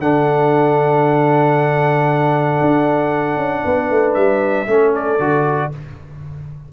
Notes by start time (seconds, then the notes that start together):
0.00 D3 D4 A4 F#5
2.61 D4
3.37 C#4
3.65 B3 B4
3.91 A3
4.14 G3 E5
4.68 A3 C#4 A4
4.95 D5
5.19 D3 F#4